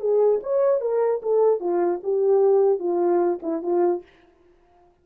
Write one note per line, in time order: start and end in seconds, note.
0.00 0.40 G#4
0.43 0.81 C#5
0.81 1.21 A#4
1.22 1.60 A4
1.60 2.00 F4
2.03 2.79 G4
2.79 3.40 F4
3.42 3.62 E4
3.62 4.03 F4